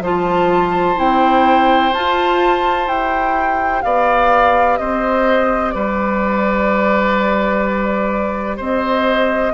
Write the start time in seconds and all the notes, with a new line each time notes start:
0.00 F3 F4 C5 A5
0.96 C4 E4 G5
1.93 F4 A5
2.87 E4 G4 G5
3.82 B3 D5 F5
4.78 C4 C5 D#5
5.71 G3 B4 D5
8.57 C4 C5 D#5